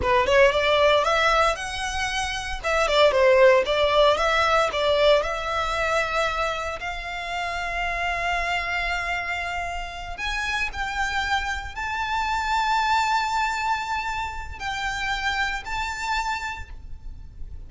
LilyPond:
\new Staff \with { instrumentName = "violin" } { \time 4/4 \tempo 4 = 115 b'8 cis''8 d''4 e''4 fis''4~ | fis''4 e''8 d''8 c''4 d''4 | e''4 d''4 e''2~ | e''4 f''2.~ |
f''2.~ f''8 gis''8~ | gis''8 g''2 a''4.~ | a''1 | g''2 a''2 | }